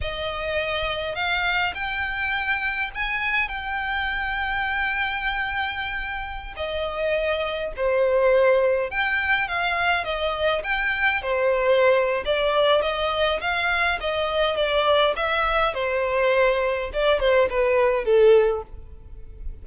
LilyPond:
\new Staff \with { instrumentName = "violin" } { \time 4/4 \tempo 4 = 103 dis''2 f''4 g''4~ | g''4 gis''4 g''2~ | g''2.~ g''16 dis''8.~ | dis''4~ dis''16 c''2 g''8.~ |
g''16 f''4 dis''4 g''4 c''8.~ | c''4 d''4 dis''4 f''4 | dis''4 d''4 e''4 c''4~ | c''4 d''8 c''8 b'4 a'4 | }